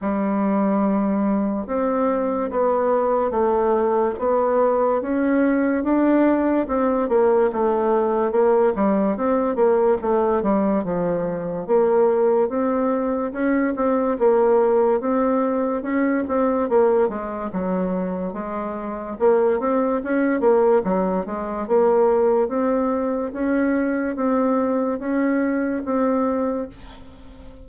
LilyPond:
\new Staff \with { instrumentName = "bassoon" } { \time 4/4 \tempo 4 = 72 g2 c'4 b4 | a4 b4 cis'4 d'4 | c'8 ais8 a4 ais8 g8 c'8 ais8 | a8 g8 f4 ais4 c'4 |
cis'8 c'8 ais4 c'4 cis'8 c'8 | ais8 gis8 fis4 gis4 ais8 c'8 | cis'8 ais8 fis8 gis8 ais4 c'4 | cis'4 c'4 cis'4 c'4 | }